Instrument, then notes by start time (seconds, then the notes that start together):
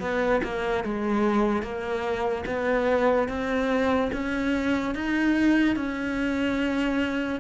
cello
0.00 B3
0.43 A#3
0.84 G#3
1.62 A#3
2.46 B3
3.28 C4
4.12 C#4
4.95 D#4
5.76 C#4